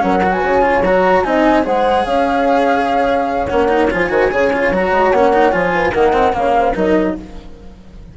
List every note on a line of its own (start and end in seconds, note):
0.00 0.43 F#3
0.00 0.20 C#4
0.00 0.34 A#4
0.00 0.32 F#5
0.23 0.62 F#4
0.32 0.44 B4
0.32 0.83 G#5
0.43 0.82 C#3
0.43 1.25 C#5
0.62 0.82 F4
0.82 1.23 F#3
0.82 1.25 F#4
0.82 1.24 A#5
1.24 1.66 C4
1.24 1.63 D#4
1.24 1.65 D#5
1.24 1.64 G#5
1.63 2.06 G#3
1.63 3.47 G#4
1.63 2.05 C5
1.63 2.06 F#5
2.05 3.49 C#4
2.05 4.09 C#5
2.05 3.47 F5
3.47 3.93 A#3
3.47 3.69 C#4
3.47 3.88 F#5
3.69 3.89 D#4
3.91 4.10 F3
3.91 4.10 F4
3.91 4.74 G#5
4.10 4.30 D#3
4.10 4.30 F#4
4.10 4.31 C5
4.31 4.71 C#3
4.31 4.51 G#4
4.31 5.74 C#5
4.53 4.73 F4
4.71 4.91 F#3
4.71 5.15 F#4
4.71 5.12 A#5
4.92 5.12 G#3
5.12 5.53 A#3
5.12 5.33 C#4
5.12 5.52 F#5
5.33 5.52 D#4
5.52 5.94 F3
5.52 5.93 F4
5.52 5.93 G#5
5.74 5.93 B4
5.93 6.35 D#3
5.93 6.13 A#3
5.93 6.13 A#4
5.93 6.35 F#5
6.13 6.33 C4
6.13 6.34 D#5
6.33 6.76 C#3
6.33 6.74 A#3
6.33 6.56 C#5
6.33 6.76 F5
6.59 6.76 C5
6.75 7.17 F#3
6.75 7.16 D#4
6.75 7.16 A#4
6.75 7.18 D#5